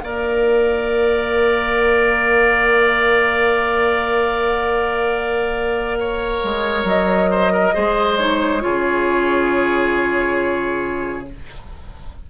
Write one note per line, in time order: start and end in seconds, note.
0.00 6.42 A#3
0.00 7.73 A#4
0.00 5.99 D5
0.00 6.84 F5
5.99 7.31 C#5
6.44 6.84 G#3
6.84 7.72 F#3
6.84 8.18 D#5
7.31 7.52 C5
7.52 7.74 A#4
7.73 8.65 G#3
7.73 8.17 G#4
7.73 8.62 C5
8.18 8.60 D#4
8.18 11.26 C#5
8.60 11.30 C#3
8.60 11.25 F4
8.60 11.29 G#4